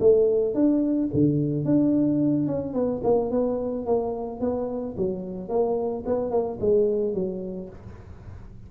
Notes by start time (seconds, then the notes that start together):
0.00 A3
0.54 D4
1.14 D3
1.65 D4
2.47 C#4
2.73 B3
3.04 A#3
3.31 B3
3.86 A#3
4.41 B3
4.97 F#3
5.49 A#3
6.06 B3
6.31 A#3
6.61 G#3
7.14 F#3